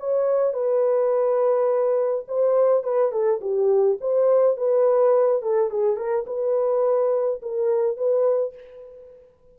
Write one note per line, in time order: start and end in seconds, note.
0.00 0.54 C#5
0.54 2.25 B4
2.28 2.84 C5
2.84 3.12 B4
3.12 3.41 A4
3.42 3.99 G4
4.01 4.57 C5
4.57 5.42 B4
5.42 5.71 A4
5.71 5.97 G#4
5.97 6.25 A#4
6.27 7.41 B4
7.43 7.98 A#4
7.98 8.55 B4